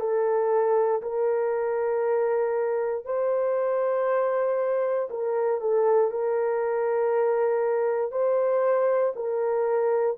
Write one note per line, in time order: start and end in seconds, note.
0.00 1.02 A4
1.02 3.06 A#4
3.06 5.09 C5
5.10 5.61 A#4
5.61 6.11 A4
6.11 8.12 A#4
8.12 9.13 C5
9.16 10.17 A#4